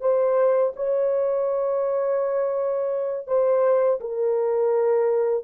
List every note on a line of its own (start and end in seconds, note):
0.00 0.72 C5
0.76 3.27 C#5
3.27 3.99 C5
4.00 5.44 A#4